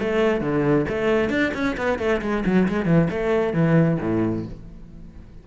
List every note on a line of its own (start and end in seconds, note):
0.00 0.41 A3
0.41 0.86 D3
0.89 1.30 A3
1.30 1.52 D4
1.55 1.77 C#4
1.78 1.99 B3
1.99 2.22 A3
2.22 2.44 G#3
2.46 2.68 F#3
2.69 2.86 G#3
2.86 3.09 E3
3.11 3.54 A3
3.54 3.99 E3
4.01 4.46 A2